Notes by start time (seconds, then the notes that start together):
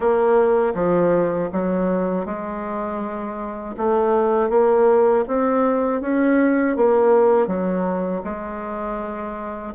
0.00 A#3
0.74 F3
1.52 F#3
2.25 G#3
3.77 A3
4.49 A#3
5.27 C4
6.01 C#4
6.76 A#3
7.47 F#3
8.24 G#3